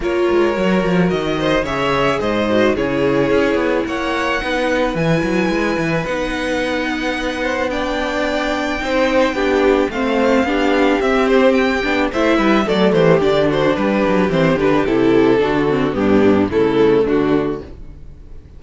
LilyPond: <<
  \new Staff \with { instrumentName = "violin" } { \time 4/4 \tempo 4 = 109 cis''2 dis''4 e''4 | dis''4 cis''2 fis''4~ | fis''4 gis''2 fis''4~ | fis''2 g''2~ |
g''2 f''2 | e''8 c''8 g''4 e''4 d''8 c''8 | d''8 c''8 b'4 c''8 b'8 a'4~ | a'4 g'4 a'4 fis'4 | }
  \new Staff \with { instrumentName = "violin" } { \time 4/4 ais'2~ ais'8 c''8 cis''4 | c''4 gis'2 cis''4 | b'1~ | b'4. c''8 d''2 |
c''4 g'4 c''4 g'4~ | g'2 c''8 b'8 a'8 g'8~ | g'8 fis'8 g'2. | fis'4 d'4 e'4 d'4 | }
  \new Staff \with { instrumentName = "viola" } { \time 4/4 f'4 fis'2 gis'4~ | gis'8 fis'8 e'2. | dis'4 e'2 dis'4~ | dis'2 d'2 |
dis'4 d'4 c'4 d'4 | c'4. d'8 e'4 a4 | d'2 c'8 d'8 e'4 | d'8 c'8 b4 a2 | }
  \new Staff \with { instrumentName = "cello" } { \time 4/4 ais8 gis8 fis8 f8 dis4 cis4 | gis,4 cis4 cis'8 b8 ais4 | b4 e8 fis8 gis8 e8 b4~ | b1 |
c'4 b4 a4 b4 | c'4. b8 a8 g8 fis8 e8 | d4 g8 fis8 e8 d8 c4 | d4 g,4 cis4 d4 | }
>>